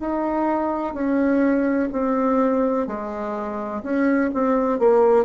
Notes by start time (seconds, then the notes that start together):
0.00 D#4
0.94 C#4
1.92 C4
2.87 G#3
3.83 C#4
4.34 C4
4.79 A#3